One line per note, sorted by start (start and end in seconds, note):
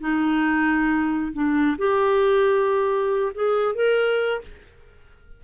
0.00 1.32 D#4
1.33 1.77 D4
1.78 3.33 G4
3.35 3.75 G#4
3.75 4.41 A#4